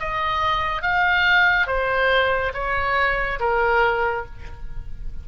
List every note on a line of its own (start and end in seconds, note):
0.00 0.82 D#5
0.82 1.67 F5
1.67 2.52 C5
2.54 3.40 C#5
3.40 4.25 A#4